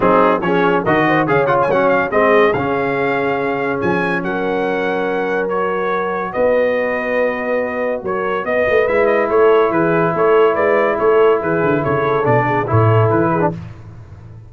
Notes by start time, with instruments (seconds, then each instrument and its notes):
0.00 tuba F#3, trombone C4, horn D#4, trumpet G#4
0.41 tuba F3, trombone C#4, horn G#4, trumpet C#5
0.83 tuba D#3, trombone F#4, horn A#4, trumpet D#5
1.07 horn C5
1.27 tuba C#3, trombone G#4, horn C#5, trumpet F5
1.46 trombone F4, trumpet F#5
1.61 tuba F#3, trumpet G#5
1.71 trombone C#4, trumpet F#5
1.88 trumpet F5
2.10 tuba G#3, trombone C4, horn G#4, trumpet D#5
2.53 tuba C#3, trombone C#4, trumpet F5
3.80 tuba F3, trumpet G#5
4.22 tuba F#3, horn A#4, trumpet F#5
5.48 trombone F#4, trumpet C#5
6.32 tuba B3, horn B4, trumpet D#5
8.02 tuba F#3, horn A#4, trumpet C#5
8.44 tuba B3, horn B4, trumpet D#5
8.69 tuba A3
8.87 tuba G#3, trombone E4, trumpet E5
9.06 trumpet D#5
9.29 tuba A3, horn A4, trumpet C#5
9.70 tuba E3, horn G#4, trumpet B4
10.13 tuba A3, horn A4, trumpet C#5
10.53 tuba G#3, horn B4, trumpet D5
10.98 tuba A3, horn A4, trumpet C#5
11.40 tuba E3, horn G#4, trumpet B4
11.63 tuba D3
11.83 tuba C#3, horn A4, trumpet C#5
12.23 tuba B2, trombone D4, trumpet D5
12.46 horn G#4
12.66 tuba A2, trombone E4, horn A4, trumpet C#5
13.10 tuba E3, trumpet B4
13.31 horn G#4
13.40 trombone D4